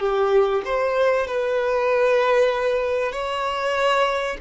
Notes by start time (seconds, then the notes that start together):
0.00 G4
0.65 C5
1.28 B4
3.12 C#5